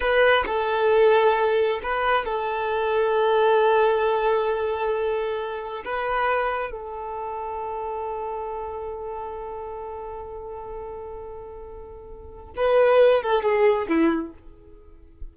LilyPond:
\new Staff \with { instrumentName = "violin" } { \time 4/4 \tempo 4 = 134 b'4 a'2. | b'4 a'2.~ | a'1~ | a'4 b'2 a'4~ |
a'1~ | a'1~ | a'1 | b'4. a'8 gis'4 e'4 | }